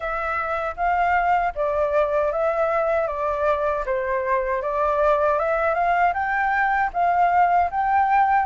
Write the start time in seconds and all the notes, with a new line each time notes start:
0.00 E5
0.76 F5
1.55 D5
2.31 E5
3.07 D5
3.85 C5
4.62 D5
5.38 E5
5.74 F5
6.13 G5
6.93 F5
7.71 G5